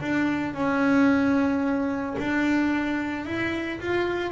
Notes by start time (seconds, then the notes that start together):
0.00 D4
0.54 C#4
2.18 D4
3.25 E4
3.80 F4